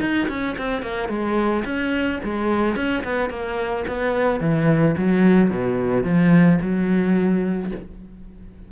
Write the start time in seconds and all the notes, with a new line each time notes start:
0.00 D#4
0.28 C#4
0.58 C4
0.82 A#3
1.09 G#3
1.65 C#4
2.23 G#3
2.76 C#4
3.04 B3
3.30 A#3
3.87 B3
4.40 E3
4.97 F#3
5.50 B2
6.04 F3
6.61 F#3